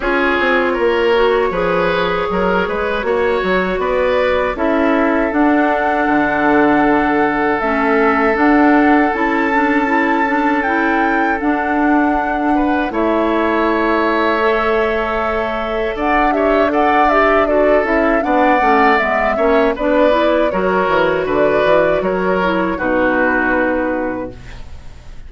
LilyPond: <<
  \new Staff \with { instrumentName = "flute" } { \time 4/4 \tempo 4 = 79 cis''1~ | cis''4 d''4 e''4 fis''4~ | fis''2 e''4 fis''4 | a''2 g''4 fis''4~ |
fis''4 e''2.~ | e''4 fis''8 e''8 fis''8 e''8 d''8 e''8 | fis''4 e''4 d''4 cis''4 | d''4 cis''4 b'2 | }
  \new Staff \with { instrumentName = "oboe" } { \time 4/4 gis'4 ais'4 b'4 ais'8 b'8 | cis''4 b'4 a'2~ | a'1~ | a'1~ |
a'8 b'8 cis''2.~ | cis''4 d''8 cis''8 d''4 a'4 | d''4. cis''8 b'4 ais'4 | b'4 ais'4 fis'2 | }
  \new Staff \with { instrumentName = "clarinet" } { \time 4/4 f'4. fis'8 gis'2 | fis'2 e'4 d'4~ | d'2 cis'4 d'4 | e'8 d'8 e'8 d'8 e'4 d'4~ |
d'4 e'2 a'4~ | a'4. g'8 a'8 g'8 fis'8 e'8 | d'8 cis'8 b8 cis'8 d'8 e'8 fis'4~ | fis'4. e'8 dis'2 | }
  \new Staff \with { instrumentName = "bassoon" } { \time 4/4 cis'8 c'8 ais4 f4 fis8 gis8 | ais8 fis8 b4 cis'4 d'4 | d2 a4 d'4 | cis'2. d'4~ |
d'4 a2.~ | a4 d'2~ d'8 cis'8 | b8 a8 gis8 ais8 b4 fis8 e8 | d8 e8 fis4 b,2 | }
>>